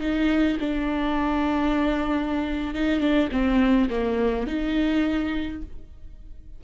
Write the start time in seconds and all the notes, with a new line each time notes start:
0.00 D#4
0.60 D4
2.75 D#4
3.00 D4
3.32 C4
3.90 A#3
4.47 D#4